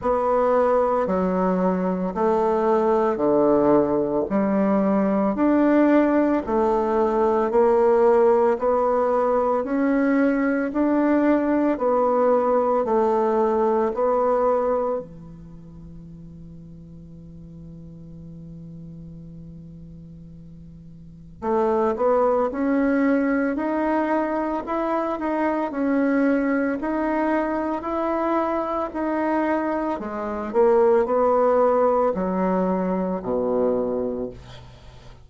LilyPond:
\new Staff \with { instrumentName = "bassoon" } { \time 4/4 \tempo 4 = 56 b4 fis4 a4 d4 | g4 d'4 a4 ais4 | b4 cis'4 d'4 b4 | a4 b4 e2~ |
e1 | a8 b8 cis'4 dis'4 e'8 dis'8 | cis'4 dis'4 e'4 dis'4 | gis8 ais8 b4 fis4 b,4 | }